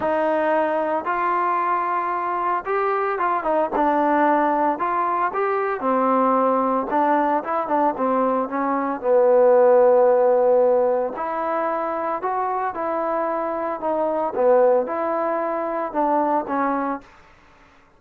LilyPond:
\new Staff \with { instrumentName = "trombone" } { \time 4/4 \tempo 4 = 113 dis'2 f'2~ | f'4 g'4 f'8 dis'8 d'4~ | d'4 f'4 g'4 c'4~ | c'4 d'4 e'8 d'8 c'4 |
cis'4 b2.~ | b4 e'2 fis'4 | e'2 dis'4 b4 | e'2 d'4 cis'4 | }